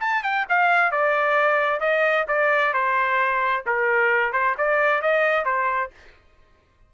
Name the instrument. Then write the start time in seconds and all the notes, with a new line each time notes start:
trumpet
0.00 A5
0.23 G5
0.49 F5
0.91 D5
1.80 D#5
2.27 D5
2.73 C5
3.66 A#4
4.32 C5
4.57 D5
5.01 D#5
5.45 C5